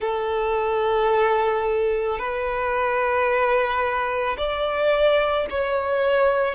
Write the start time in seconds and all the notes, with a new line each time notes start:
0.00 A4
2.18 B4
4.37 D5
5.50 C#5